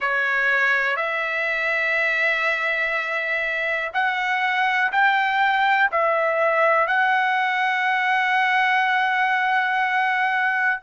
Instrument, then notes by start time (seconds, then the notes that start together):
trumpet
0.00 C#5
0.96 E5
3.93 F#5
4.92 G5
5.91 E5
6.87 F#5